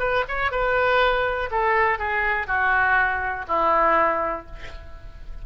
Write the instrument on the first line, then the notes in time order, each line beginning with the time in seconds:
oboe
0.00 B4
0.29 C#5
0.52 B4
1.51 A4
1.99 G#4
2.47 F#4
3.48 E4